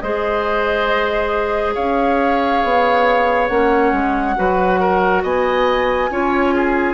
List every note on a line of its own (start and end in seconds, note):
0.00 1.76 G#3
0.00 3.50 G#4
0.00 1.74 C5
0.00 1.74 D#5
1.74 2.63 C#4
1.74 4.35 C#5
1.74 3.47 F5
2.63 3.49 B3
3.47 3.92 A#3
3.47 4.35 C#4
3.47 5.21 F#5
3.92 4.36 G#3
4.35 5.23 F#3
4.35 6.09 F#4
4.35 4.80 B4
4.80 5.22 A#4
5.22 6.09 B3
5.22 6.09 D#5
5.22 6.94 G#5
6.09 6.94 C#4
6.09 6.94 F4
6.09 6.54 C#5
6.54 6.94 G#4